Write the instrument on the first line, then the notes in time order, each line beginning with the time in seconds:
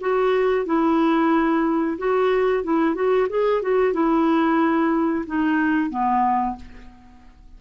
clarinet
0.00 F#4
0.65 E4
1.98 F#4
2.63 E4
2.94 F#4
3.29 G#4
3.61 F#4
3.93 E4
5.26 D#4
5.90 B3